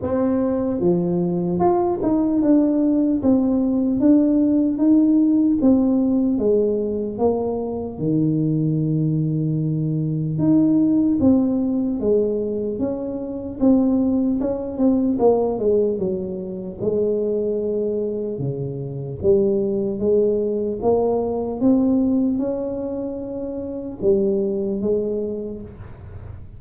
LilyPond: \new Staff \with { instrumentName = "tuba" } { \time 4/4 \tempo 4 = 75 c'4 f4 f'8 dis'8 d'4 | c'4 d'4 dis'4 c'4 | gis4 ais4 dis2~ | dis4 dis'4 c'4 gis4 |
cis'4 c'4 cis'8 c'8 ais8 gis8 | fis4 gis2 cis4 | g4 gis4 ais4 c'4 | cis'2 g4 gis4 | }